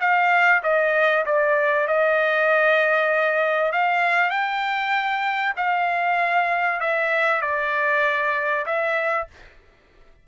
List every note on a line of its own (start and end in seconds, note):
0.00 0.62 F5
0.63 1.25 D#5
1.26 1.87 D5
1.87 3.72 D#5
3.72 4.30 F5
4.30 5.54 G5
5.56 6.80 F5
6.80 7.41 E5
7.41 8.65 D5
8.66 9.28 E5